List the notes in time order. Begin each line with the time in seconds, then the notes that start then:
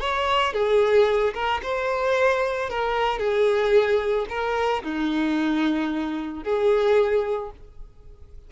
0.00 C#5
0.53 G#4
1.34 A#4
1.63 C5
2.70 A#4
3.19 G#4
4.29 A#4
4.83 D#4
6.44 G#4